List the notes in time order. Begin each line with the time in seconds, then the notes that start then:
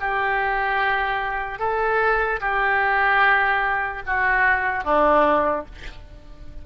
0.00 G4
1.58 A4
2.40 G4
4.06 F#4
4.84 D4